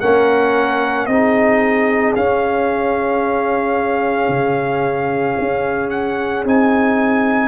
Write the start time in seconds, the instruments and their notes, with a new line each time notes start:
0.00 tuba A#3, trombone C#4, horn A#4, trumpet F#5
1.06 tuba C4, trombone D#4, horn G#4, trumpet D#5
2.15 tuba C#4, trombone C#4, trumpet F5
4.28 tuba C#3
5.38 tuba C#4
5.90 trumpet F#5
6.44 tuba C4, trombone D#4, trumpet G#5